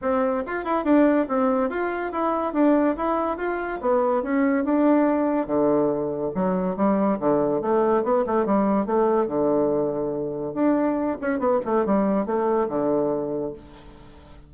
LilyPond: \new Staff \with { instrumentName = "bassoon" } { \time 4/4 \tempo 4 = 142 c'4 f'8 e'8 d'4 c'4 | f'4 e'4 d'4 e'4 | f'4 b4 cis'4 d'4~ | d'4 d2 fis4 |
g4 d4 a4 b8 a8 | g4 a4 d2~ | d4 d'4. cis'8 b8 a8 | g4 a4 d2 | }